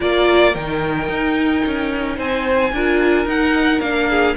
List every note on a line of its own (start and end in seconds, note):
0.00 0.54 A#3
0.00 0.54 F4
0.00 2.16 A#4
0.00 0.55 D5
0.54 1.08 D#3
0.54 2.74 D#4
0.54 2.18 G5
1.08 1.63 D#4
1.65 2.17 C#4
2.16 2.72 C4
2.16 2.71 C5
2.16 3.27 G#5
2.72 3.26 D4
2.72 3.26 F4
2.72 4.09 A#4
3.26 3.80 D#4
3.26 3.81 D#4
3.26 3.80 F#5
3.80 4.35 A#3
3.80 4.36 D4
3.80 4.35 F5
4.09 4.36 G#4